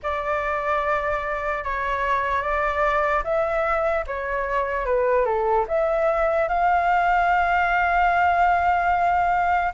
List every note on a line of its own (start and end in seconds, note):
0.02 1.64 D5
1.64 2.41 C#5
2.41 3.22 D5
3.24 4.05 E5
4.07 4.85 C#5
4.85 5.25 B4
5.25 5.65 A4
5.68 6.48 E5
6.48 9.73 F5